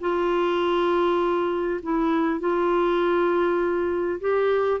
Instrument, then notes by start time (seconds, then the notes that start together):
clarinet
0.00 F4
1.82 E4
2.40 F4
4.20 G4